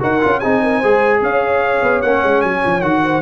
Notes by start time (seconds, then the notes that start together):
0.00 D#4 F#4 A#4 F#5
0.21 C#4 F4
0.40 C4 D#4 G#4 G#5
0.63 A#4
0.79 G#3 G#4 C5
1.22 C#4 C#5 F5
1.83 B3
2.02 A#3 C#4 F#5
2.24 G#3
2.42 F#3 G#5
2.66 F3
2.82 D#3 F#4 F#5
3.04 C5